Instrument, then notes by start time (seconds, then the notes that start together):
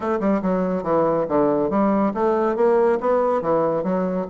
bassoon
0.00 A3
0.20 G3
0.42 F#3
0.83 E3
1.28 D3
1.70 G3
2.14 A3
2.56 A#3
3.00 B3
3.41 E3
3.83 F#3